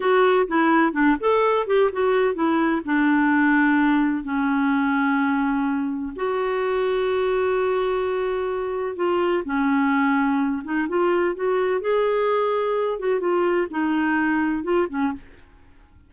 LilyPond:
\new Staff \with { instrumentName = "clarinet" } { \time 4/4 \tempo 4 = 127 fis'4 e'4 d'8 a'4 g'8 | fis'4 e'4 d'2~ | d'4 cis'2.~ | cis'4 fis'2.~ |
fis'2. f'4 | cis'2~ cis'8 dis'8 f'4 | fis'4 gis'2~ gis'8 fis'8 | f'4 dis'2 f'8 cis'8 | }